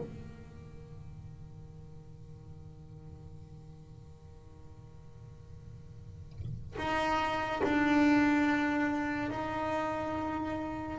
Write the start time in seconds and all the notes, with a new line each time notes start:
0.00 D#3
6.78 D#4
7.63 D4
9.30 D#4